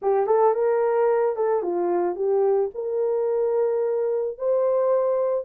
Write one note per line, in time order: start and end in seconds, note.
0.01 0.26 G4
0.26 0.53 A4
0.54 1.36 A#4
1.36 1.62 A4
1.62 2.15 F4
2.15 2.70 G4
2.74 4.38 A#4
4.38 5.44 C5